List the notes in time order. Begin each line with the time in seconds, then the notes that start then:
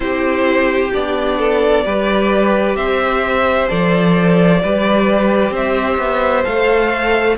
0.00 C4 E4 G4 C5
0.92 B3 D4 D5
1.38 A4
1.84 G3 G4 B4
2.75 C4 C5 E5
3.68 F3 A4 D5
4.62 G3 G4 B4
5.51 C4 C5 E5
5.97 B3
6.44 A3 A4 F5